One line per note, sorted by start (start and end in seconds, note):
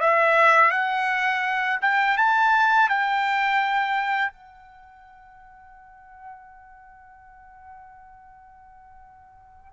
0.00 0.71 E5
0.71 1.79 F#5
1.81 2.17 G5
2.17 2.88 A5
2.88 4.32 G5
4.32 9.73 F#5